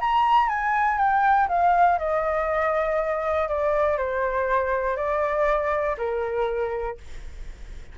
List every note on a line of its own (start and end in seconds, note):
0.00 0.48 A#5
0.48 0.98 G#5
0.98 1.48 G5
1.48 1.98 F5
1.98 3.48 D#5
3.48 3.97 D5
3.97 4.96 C5
4.96 5.96 D5
5.97 6.97 A#4